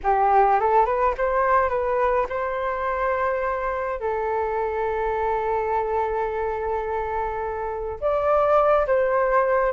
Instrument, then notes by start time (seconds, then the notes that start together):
flute
0.03 G4
0.59 A4
0.85 B4
1.17 C5
1.69 B4
2.29 C5
4.00 A4
8.01 D5
8.86 C5